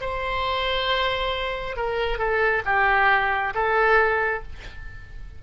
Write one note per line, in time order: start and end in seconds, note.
0.00 1.76 C5
1.76 2.18 A#4
2.18 2.62 A4
2.65 3.53 G4
3.54 4.42 A4